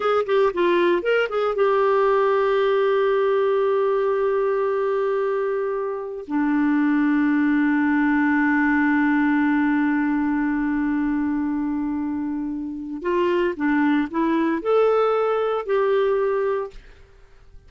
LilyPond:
\new Staff \with { instrumentName = "clarinet" } { \time 4/4 \tempo 4 = 115 gis'8 g'8 f'4 ais'8 gis'8 g'4~ | g'1~ | g'1 | d'1~ |
d'1~ | d'1~ | d'4 f'4 d'4 e'4 | a'2 g'2 | }